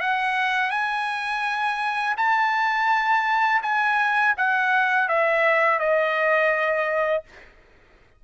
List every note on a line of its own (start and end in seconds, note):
0.00 0.70 F#5
0.70 2.15 G#5
2.17 3.61 A5
3.62 4.34 G#5
4.37 5.08 F#5
5.08 5.79 E5
5.79 7.23 D#5